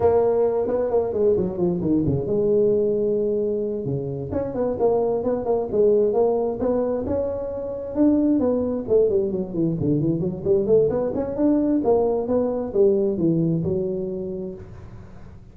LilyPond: \new Staff \with { instrumentName = "tuba" } { \time 4/4 \tempo 4 = 132 ais4. b8 ais8 gis8 fis8 f8 | dis8 cis8 gis2.~ | gis8 cis4 cis'8 b8 ais4 b8 | ais8 gis4 ais4 b4 cis'8~ |
cis'4. d'4 b4 a8 | g8 fis8 e8 d8 e8 fis8 g8 a8 | b8 cis'8 d'4 ais4 b4 | g4 e4 fis2 | }